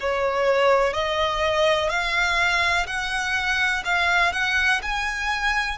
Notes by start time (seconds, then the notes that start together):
0.00 C#5
0.93 D#5
1.89 F5
2.86 F#5
3.84 F5
4.32 F#5
4.82 G#5